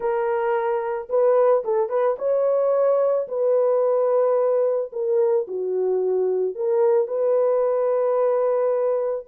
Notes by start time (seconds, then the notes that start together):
0.00 A#4
1.09 B4
1.64 A4
1.89 B4
2.18 C#5
3.28 B4
4.92 A#4
5.47 F#4
6.55 A#4
7.07 B4